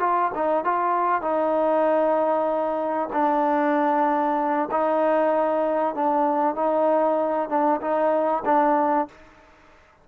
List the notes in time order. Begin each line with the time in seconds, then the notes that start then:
0.00 F4
0.35 D#4
0.64 F4
1.22 D#4
3.13 D4
4.71 D#4
5.95 D4
6.55 D#4
7.49 D4
7.81 D#4
8.45 D4